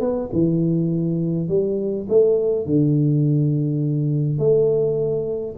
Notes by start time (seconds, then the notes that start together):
0.00 B3
0.33 E3
1.49 G3
2.09 A3
2.66 D3
4.38 A3